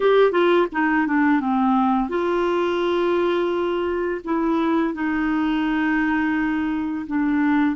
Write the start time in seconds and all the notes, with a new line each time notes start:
0.00 G4
0.31 F4
0.72 D#4
1.07 D4
1.40 C4
2.09 F4
4.24 E4
4.94 D#4
7.07 D4